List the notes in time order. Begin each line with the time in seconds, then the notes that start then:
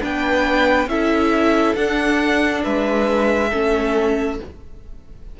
0.00 B3 D4 B4 G5
0.86 C#4 E4 A4 E5
1.75 D4 F#5
2.63 G#3 B4 E5
3.49 A3 C#4 A4